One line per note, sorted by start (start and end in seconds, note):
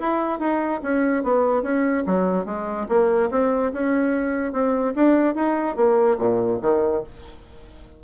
0.00 0.40 E4
0.40 0.81 D#4
0.83 1.24 C#4
1.24 1.63 B3
1.63 2.04 C#4
2.06 2.46 F#3
2.46 2.87 G#3
2.89 3.30 A#3
3.31 3.72 C4
3.73 4.53 C#4
4.53 4.94 C4
4.96 5.35 D4
5.35 5.76 D#4
5.76 6.18 A#3
6.19 6.60 A#2
6.62 7.03 D#3